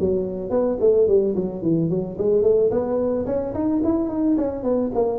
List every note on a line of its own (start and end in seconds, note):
0.00 0.50 F#3
0.50 0.78 B3
0.80 1.08 A3
1.08 1.35 G3
1.36 1.62 F#3
1.62 1.90 E3
1.90 2.17 F#3
2.18 2.42 G#3
2.42 2.70 A3
2.71 3.26 B3
3.26 3.54 C#4
3.54 3.82 D#4
3.84 4.09 E4
4.09 4.37 D#4
4.38 4.63 C#4
4.63 4.91 B3
4.95 5.19 A#3